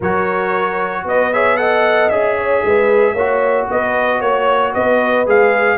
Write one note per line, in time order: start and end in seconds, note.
0.00 1.04 F#3
0.00 1.33 F#4
0.00 1.03 A#4
0.00 1.07 C#5
1.04 2.09 B3
1.04 1.32 B4
1.04 1.33 D#5
1.32 1.57 G#4
1.32 1.59 C#5
1.32 1.56 E5
1.56 2.10 A4
1.56 2.37 D#5
1.56 2.09 F#5
2.09 2.62 C#4
2.09 3.16 G#4
2.09 3.67 E5
2.37 2.63 C#5
2.64 3.13 G#3
2.64 3.13 B4
3.13 3.66 A#3
3.13 5.26 F#4
3.13 3.65 C#5
3.69 4.21 B3
3.69 4.19 B4
3.69 4.20 D#5
4.19 4.73 A#3
4.19 4.71 C#5
4.19 4.73 C#5
4.73 5.26 B3
4.73 5.78 B4
4.73 5.26 D#5
5.26 5.78 G#3
5.26 5.78 G#4
5.26 5.78 F5